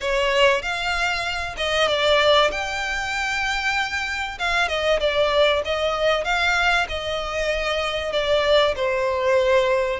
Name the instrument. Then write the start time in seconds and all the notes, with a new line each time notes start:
violin
0.00 C#5
0.61 F5
1.57 D#5
1.88 D5
2.51 G5
4.38 F5
4.68 D#5
5.00 D5
5.64 D#5
6.24 F5
6.88 D#5
8.12 D5
8.76 C5